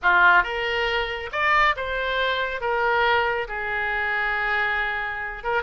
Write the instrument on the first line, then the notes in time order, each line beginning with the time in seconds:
oboe
0.02 F4
0.43 A#4
1.32 D5
1.76 C5
2.60 A#4
3.48 G#4
5.43 A#4